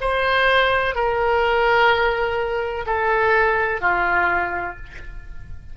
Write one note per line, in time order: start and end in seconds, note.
0.00 0.94 C5
0.94 2.85 A#4
2.86 3.81 A4
3.81 4.76 F4